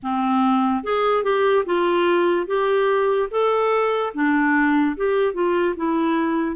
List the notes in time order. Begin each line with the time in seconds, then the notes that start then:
0.03 C4
0.83 G#4
1.23 G4
1.65 F4
2.47 G4
3.31 A4
4.14 D4
4.96 G4
5.33 F4
5.76 E4